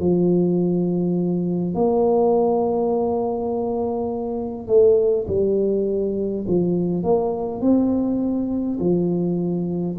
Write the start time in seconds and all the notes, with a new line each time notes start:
0.00 F3
1.75 A#3
4.67 A3
5.28 G3
6.48 F3
7.03 A#3
7.61 C4
8.80 F3